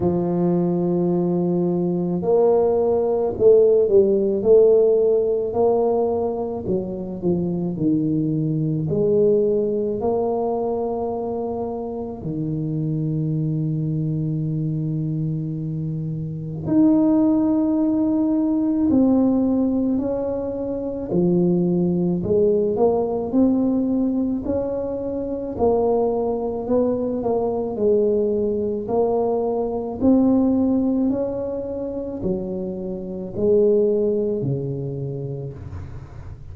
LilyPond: \new Staff \with { instrumentName = "tuba" } { \time 4/4 \tempo 4 = 54 f2 ais4 a8 g8 | a4 ais4 fis8 f8 dis4 | gis4 ais2 dis4~ | dis2. dis'4~ |
dis'4 c'4 cis'4 f4 | gis8 ais8 c'4 cis'4 ais4 | b8 ais8 gis4 ais4 c'4 | cis'4 fis4 gis4 cis4 | }